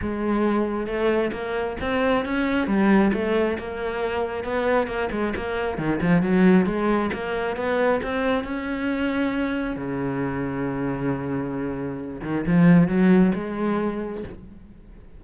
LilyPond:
\new Staff \with { instrumentName = "cello" } { \time 4/4 \tempo 4 = 135 gis2 a4 ais4 | c'4 cis'4 g4 a4 | ais2 b4 ais8 gis8 | ais4 dis8 f8 fis4 gis4 |
ais4 b4 c'4 cis'4~ | cis'2 cis2~ | cis2.~ cis8 dis8 | f4 fis4 gis2 | }